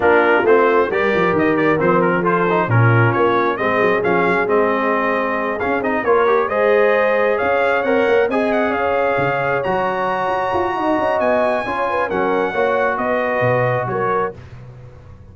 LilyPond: <<
  \new Staff \with { instrumentName = "trumpet" } { \time 4/4 \tempo 4 = 134 ais'4 c''4 d''4 dis''8 d''8 | c''8 ais'8 c''4 ais'4 cis''4 | dis''4 f''4 dis''2~ | dis''8 f''8 dis''8 cis''4 dis''4.~ |
dis''8 f''4 fis''4 gis''8 fis''8 f''8~ | f''4. ais''2~ ais''8~ | ais''4 gis''2 fis''4~ | fis''4 dis''2 cis''4 | }
  \new Staff \with { instrumentName = "horn" } { \time 4/4 f'2 ais'2~ | ais'4 a'4 f'2 | gis'1~ | gis'4. ais'4 c''4.~ |
c''8 cis''2 dis''4 cis''8~ | cis''1 | dis''2 cis''8 b'8 ais'4 | cis''4 b'2 ais'4 | }
  \new Staff \with { instrumentName = "trombone" } { \time 4/4 d'4 c'4 g'2 | c'4 f'8 dis'8 cis'2 | c'4 cis'4 c'2~ | c'8 cis'8 dis'8 f'8 g'8 gis'4.~ |
gis'4. ais'4 gis'4.~ | gis'4. fis'2~ fis'8~ | fis'2 f'4 cis'4 | fis'1 | }
  \new Staff \with { instrumentName = "tuba" } { \time 4/4 ais4 a4 g8 f8 dis4 | f2 ais,4 ais4 | gis8 fis8 f8 fis8 gis2~ | gis8 cis'8 c'8 ais4 gis4.~ |
gis8 cis'4 c'8 ais8 c'4 cis'8~ | cis'8 cis4 fis4. fis'8 f'8 | dis'8 cis'8 b4 cis'4 fis4 | ais4 b4 b,4 fis4 | }
>>